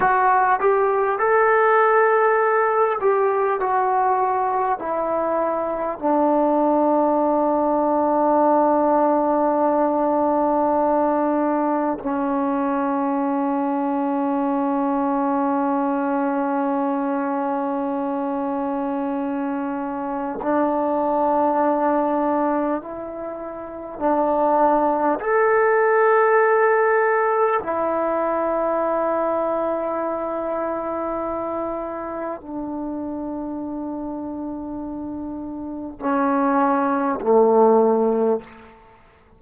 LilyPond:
\new Staff \with { instrumentName = "trombone" } { \time 4/4 \tempo 4 = 50 fis'8 g'8 a'4. g'8 fis'4 | e'4 d'2.~ | d'2 cis'2~ | cis'1~ |
cis'4 d'2 e'4 | d'4 a'2 e'4~ | e'2. d'4~ | d'2 cis'4 a4 | }